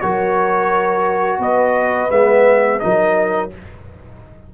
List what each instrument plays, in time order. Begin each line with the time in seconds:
0.00 tuba F#3, trombone F#4, horn A#4, trumpet C#5
1.39 tuba B3, horn B4, trumpet D#5
2.09 tuba G#3, trombone B3, trumpet E5
2.80 tuba F#3, trombone D#4, horn A#4, trumpet D#5